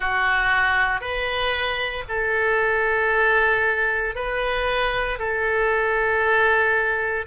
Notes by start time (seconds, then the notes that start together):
0.00 F#4
1.00 B4
2.08 A4
4.15 B4
5.19 A4